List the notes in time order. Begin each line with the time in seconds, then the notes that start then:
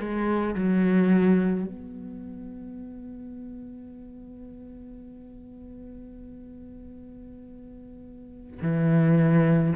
0.00 G#3
0.55 F#3
1.66 B3
8.62 E3